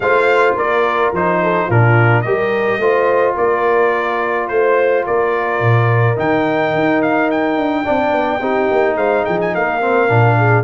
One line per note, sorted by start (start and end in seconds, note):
0.00 0.55 A3
0.00 1.14 F4
0.00 0.57 C5
0.00 0.55 F5
0.55 1.11 A#3
0.55 1.41 A#4
0.55 1.13 D5
1.12 1.68 F3
1.12 1.70 D#4
1.12 1.70 C5
1.42 1.66 A4
1.66 2.25 A#2
1.66 2.25 D4
1.66 2.23 F4
1.66 2.21 A#4
2.21 2.77 G3
2.21 2.81 G4
2.21 2.80 A#4
2.21 3.34 D#5
2.77 3.33 A3
2.77 6.16 F4
2.77 3.34 C5
3.34 4.49 A#3
3.34 4.46 A#4
3.34 4.47 D5
4.47 5.05 A3
4.47 5.04 C5
4.47 5.06 C5
5.06 5.60 A#3
5.06 7.84 A#4
5.06 6.18 D5
5.60 6.16 A#2
6.16 6.74 D#3
6.16 7.84 D#4
6.16 7.02 G5
6.74 7.56 D#4
7.02 7.30 F5
7.30 8.96 G5
7.56 7.84 D4
7.84 8.11 C4
7.84 8.40 D4
7.84 8.40 D5
8.11 8.39 B3
8.40 8.68 C4
8.40 9.81 D#4
8.40 8.96 G4
8.71 8.95 A#3
8.95 9.23 G#3
8.95 9.24 C5
8.95 9.24 F5
9.24 9.55 F3
9.24 9.52 G#4
9.24 9.39 G5
9.40 9.54 G#5
9.54 10.09 A#3
9.54 10.37 A#4
9.54 10.63 F5
9.81 10.08 C4
10.08 10.63 A#2
10.08 10.63 D4
10.37 10.63 G#4